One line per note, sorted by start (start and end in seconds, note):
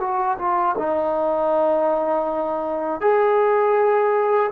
0.00 0.38 F#4
0.38 0.76 F4
0.78 3.01 D#4
3.01 4.51 G#4